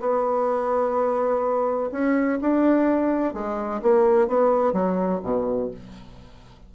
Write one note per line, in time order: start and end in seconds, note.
0.00 1.90 B3
1.92 2.39 C#4
2.41 3.34 D4
3.34 3.81 G#3
3.82 4.28 A#3
4.28 4.73 B3
4.73 5.21 F#3
5.23 5.71 B2